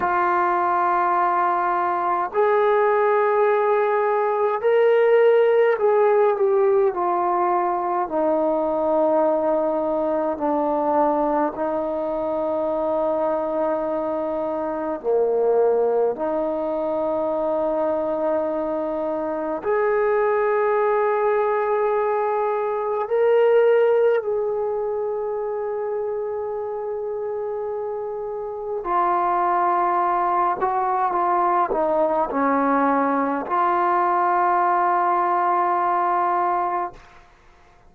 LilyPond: \new Staff \with { instrumentName = "trombone" } { \time 4/4 \tempo 4 = 52 f'2 gis'2 | ais'4 gis'8 g'8 f'4 dis'4~ | dis'4 d'4 dis'2~ | dis'4 ais4 dis'2~ |
dis'4 gis'2. | ais'4 gis'2.~ | gis'4 f'4. fis'8 f'8 dis'8 | cis'4 f'2. | }